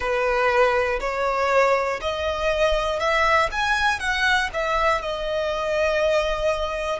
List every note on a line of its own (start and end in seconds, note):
0.00 1.00 B4
1.00 2.00 C#5
2.01 3.00 D#5
3.00 3.50 E5
3.51 3.99 G#5
3.99 4.49 F#5
4.53 5.01 E5
5.01 7.00 D#5